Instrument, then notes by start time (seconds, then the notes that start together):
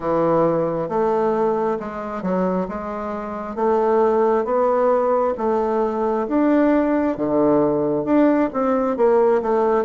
bassoon
0.00 E3
0.88 A3
1.79 G#3
2.22 F#3
2.68 G#3
3.55 A3
4.44 B3
5.37 A3
6.28 D4
7.17 D3
8.04 D4
8.53 C4
8.96 A#3
9.42 A3